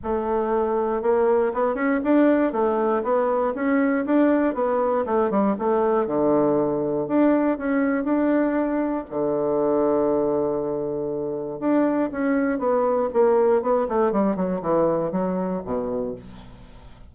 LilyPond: \new Staff \with { instrumentName = "bassoon" } { \time 4/4 \tempo 4 = 119 a2 ais4 b8 cis'8 | d'4 a4 b4 cis'4 | d'4 b4 a8 g8 a4 | d2 d'4 cis'4 |
d'2 d2~ | d2. d'4 | cis'4 b4 ais4 b8 a8 | g8 fis8 e4 fis4 b,4 | }